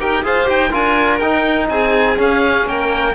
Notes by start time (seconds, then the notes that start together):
0.00 D#4 G4 A#4 G5
0.24 F4 G#4 C5 F5
0.45 D#4 G4 G5
0.69 D4 F4 A#4 G#5
1.19 D#4 G5
1.70 C4 G#4 G#5
2.17 C#4 F5
2.66 A#3 A#4 G5